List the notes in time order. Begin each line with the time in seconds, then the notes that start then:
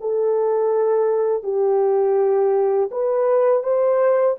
0.00 A4
1.43 G4
2.91 B4
3.63 C5